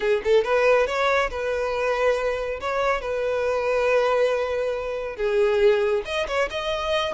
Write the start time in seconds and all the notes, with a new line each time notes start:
0.00 G#4
0.24 A4
0.44 B4
0.86 C#5
1.30 B4
2.60 C#5
3.01 B4
5.16 G#4
6.05 D#5
6.27 C#5
6.50 D#5